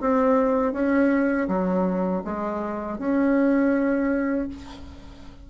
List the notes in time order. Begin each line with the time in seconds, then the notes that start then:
0.00 C4
0.72 C#4
1.48 F#3
2.24 G#3
2.98 C#4